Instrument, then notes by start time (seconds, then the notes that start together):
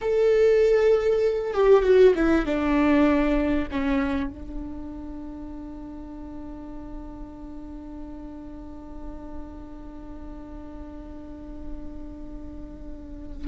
viola
0.01 A4
1.53 G4
1.83 F#4
2.15 E4
2.45 D4
3.71 C#4
4.30 D4